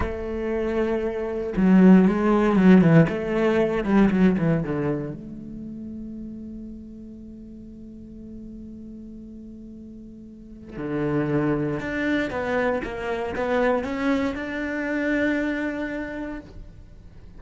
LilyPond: \new Staff \with { instrumentName = "cello" } { \time 4/4 \tempo 4 = 117 a2. fis4 | gis4 fis8 e8 a4. g8 | fis8 e8 d4 a2~ | a1~ |
a1~ | a4 d2 d'4 | b4 ais4 b4 cis'4 | d'1 | }